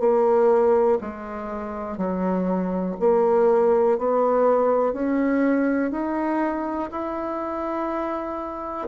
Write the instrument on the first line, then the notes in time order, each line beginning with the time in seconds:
bassoon
0.00 A#3
1.01 G#3
1.98 F#3
3.00 A#3
3.99 B3
4.93 C#4
5.92 D#4
6.92 E4